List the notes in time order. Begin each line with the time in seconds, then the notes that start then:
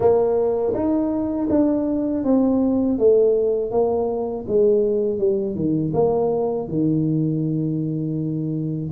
0.00 A#3
0.73 D#4
1.49 D4
2.24 C4
2.98 A3
3.71 A#3
4.47 G#3
5.18 G3
5.55 D#3
5.93 A#3
6.68 D#3